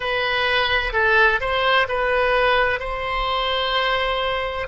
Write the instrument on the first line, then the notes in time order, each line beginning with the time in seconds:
oboe
0.00 B4
0.92 A4
1.40 C5
1.88 B4
2.79 C5